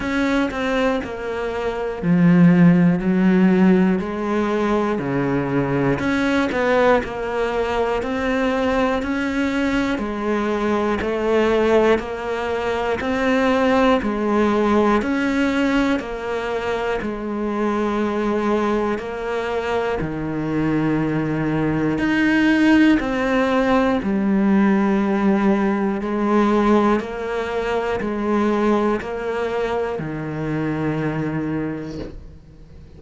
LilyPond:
\new Staff \with { instrumentName = "cello" } { \time 4/4 \tempo 4 = 60 cis'8 c'8 ais4 f4 fis4 | gis4 cis4 cis'8 b8 ais4 | c'4 cis'4 gis4 a4 | ais4 c'4 gis4 cis'4 |
ais4 gis2 ais4 | dis2 dis'4 c'4 | g2 gis4 ais4 | gis4 ais4 dis2 | }